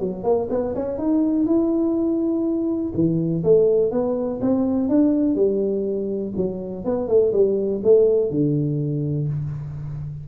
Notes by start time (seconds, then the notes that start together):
0.00 F#3
0.24 A#3
0.50 B3
0.76 C#4
0.98 D#4
1.46 E4
2.95 E3
3.44 A3
3.92 B3
4.41 C4
4.89 D4
5.35 G3
6.37 F#3
6.85 B3
7.08 A3
7.33 G3
7.84 A3
8.31 D3